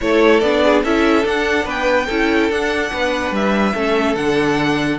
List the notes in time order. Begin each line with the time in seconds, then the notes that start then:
0.01 A3 E4 A4 C#5
0.39 B3 D4 D5
0.64 G#4
0.83 C#4 E4 A4 E5
1.22 D4 F#5
1.64 B3 B4 G5
2.06 C#4 E4 A4
2.49 D4 F#5
2.93 B3 B4
3.31 G3 E5
3.73 A3 C#4 A4
4.15 D3 D4 F#5